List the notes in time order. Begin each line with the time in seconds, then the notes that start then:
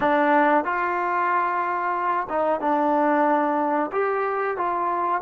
0.00 D4
0.64 F4
2.29 D#4
2.60 D4
3.91 G4
4.57 F4